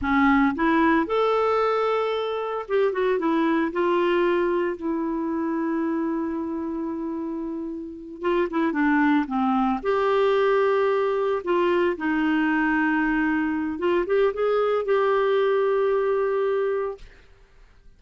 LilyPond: \new Staff \with { instrumentName = "clarinet" } { \time 4/4 \tempo 4 = 113 cis'4 e'4 a'2~ | a'4 g'8 fis'8 e'4 f'4~ | f'4 e'2.~ | e'2.~ e'8 f'8 |
e'8 d'4 c'4 g'4.~ | g'4. f'4 dis'4.~ | dis'2 f'8 g'8 gis'4 | g'1 | }